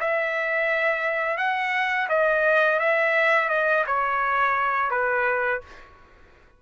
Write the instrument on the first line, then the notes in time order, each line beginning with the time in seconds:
trumpet
0.00 E5
1.37 F#5
2.09 D#5
2.79 E5
3.49 D#5
3.86 C#5
4.91 B4